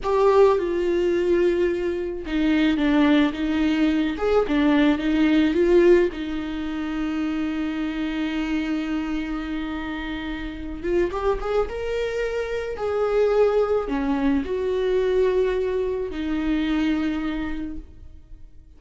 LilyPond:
\new Staff \with { instrumentName = "viola" } { \time 4/4 \tempo 4 = 108 g'4 f'2. | dis'4 d'4 dis'4. gis'8 | d'4 dis'4 f'4 dis'4~ | dis'1~ |
dis'2.~ dis'8 f'8 | g'8 gis'8 ais'2 gis'4~ | gis'4 cis'4 fis'2~ | fis'4 dis'2. | }